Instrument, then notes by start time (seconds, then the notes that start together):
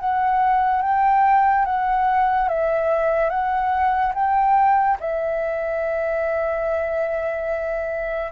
flute
0.00 F#5
0.83 G5
1.66 F#5
2.49 E5
3.30 F#5
4.15 G5
5.01 E5